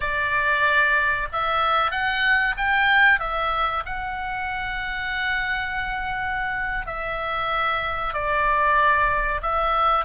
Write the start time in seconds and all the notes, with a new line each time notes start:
0.00 D5
1.32 E5
1.91 F#5
2.57 G5
3.19 E5
3.85 F#5
6.86 E5
8.13 D5
9.41 E5